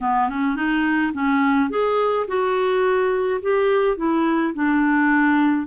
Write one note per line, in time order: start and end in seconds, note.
0.00 0.29 B3
0.29 0.56 C#4
0.56 1.12 D#4
1.13 1.70 C#4
1.70 2.26 G#4
2.27 3.40 F#4
3.41 3.96 G4
3.96 4.53 E4
4.54 5.66 D4